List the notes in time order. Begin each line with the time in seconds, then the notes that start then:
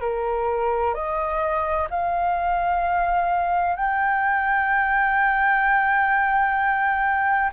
0.00 A#4
0.94 D#5
1.90 F5
3.75 G5